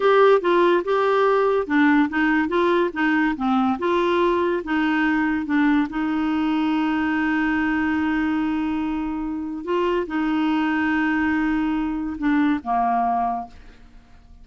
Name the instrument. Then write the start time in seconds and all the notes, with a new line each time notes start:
clarinet
0.00 G4
0.41 F4
0.84 G4
1.66 D4
2.09 D#4
2.48 F4
2.93 D#4
3.36 C4
3.79 F4
4.64 D#4
5.45 D4
5.89 D#4
9.64 F4
10.07 D#4
12.18 D4
12.63 A#3